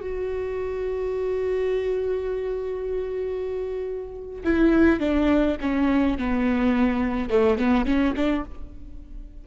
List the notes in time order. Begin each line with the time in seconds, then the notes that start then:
0.00 F#4
4.44 E4
4.99 D4
5.61 C#4
6.18 B3
7.29 A3
7.58 B3
7.85 C#4
8.16 D4